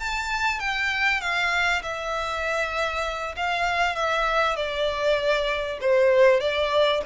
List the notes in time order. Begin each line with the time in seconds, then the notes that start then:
0.00 A5
0.60 G5
1.21 F5
1.83 E5
3.37 F5
3.96 E5
4.56 D5
5.81 C5
6.41 D5